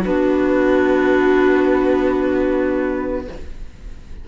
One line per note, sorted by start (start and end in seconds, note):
0.00 3.25 D4
0.00 3.21 F#4
0.00 3.26 B4
0.07 3.28 B3